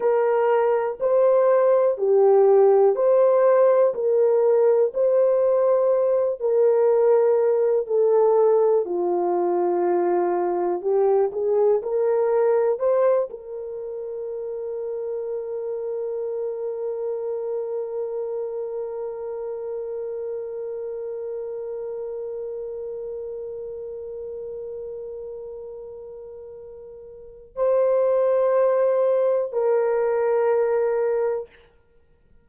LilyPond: \new Staff \with { instrumentName = "horn" } { \time 4/4 \tempo 4 = 61 ais'4 c''4 g'4 c''4 | ais'4 c''4. ais'4. | a'4 f'2 g'8 gis'8 | ais'4 c''8 ais'2~ ais'8~ |
ais'1~ | ais'1~ | ais'1 | c''2 ais'2 | }